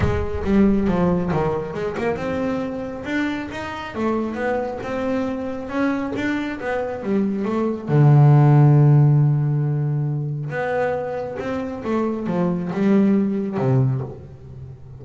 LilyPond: \new Staff \with { instrumentName = "double bass" } { \time 4/4 \tempo 4 = 137 gis4 g4 f4 dis4 | gis8 ais8 c'2 d'4 | dis'4 a4 b4 c'4~ | c'4 cis'4 d'4 b4 |
g4 a4 d2~ | d1 | b2 c'4 a4 | f4 g2 c4 | }